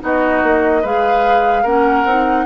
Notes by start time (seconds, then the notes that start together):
0.00 B3 D#4 F#4 D#5
0.43 A#3
0.82 G#3 G#4 B4 F5
1.63 A#3 C#4 A#4 F#5
2.05 C4 D#4